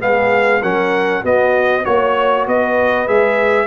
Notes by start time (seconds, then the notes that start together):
0.00 G#3 B3 G#4 F5
0.61 F#3 C#4 A#4 F#5
1.22 B3 F#4 D#5
1.85 A#3 F#4 C#5
2.47 B3 B4 D#5
3.08 G#3 G#4 E5